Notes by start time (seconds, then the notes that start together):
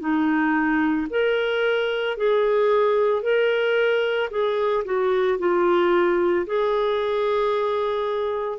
0.00 D#4
1.10 A#4
2.17 G#4
3.22 A#4
4.31 G#4
4.85 F#4
5.39 F4
6.46 G#4